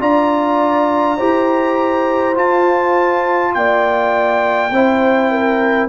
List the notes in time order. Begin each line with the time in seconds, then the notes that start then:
0.00 D4 F4 D5 A#5
1.17 E4 G4 C5
2.35 F4 A5
3.54 A#3 D5 G5
4.71 C4 E4 C5
5.31 A#4